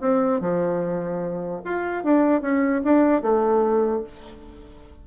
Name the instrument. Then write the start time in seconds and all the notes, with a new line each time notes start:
bassoon
0.00 C4
0.40 F3
1.64 F4
2.04 D4
2.41 C#4
2.84 D4
3.22 A3